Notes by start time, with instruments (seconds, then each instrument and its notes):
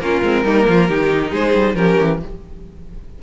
0.00 cello A#3, viola C#4, violin F4 A#4
0.23 cello G#3, viola C4
0.45 cello G3, viola A#3, violin D#4
0.68 cello F3, violin F4
0.89 cello D#3, viola D#4, violin G4
1.30 cello G#3, violin G#4 C5
1.55 cello G3
1.75 cello F3, viola C#4, violin G4 A#4
2.01 cello E3